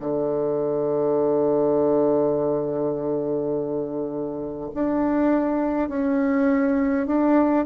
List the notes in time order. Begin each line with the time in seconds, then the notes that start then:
0.00 D3
4.74 D4
5.89 C#4
7.07 D4